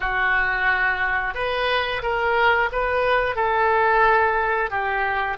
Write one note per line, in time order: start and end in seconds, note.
0.00 1.34 F#4
1.34 2.02 B4
2.02 2.69 A#4
2.72 3.35 B4
3.35 4.70 A4
4.70 5.37 G4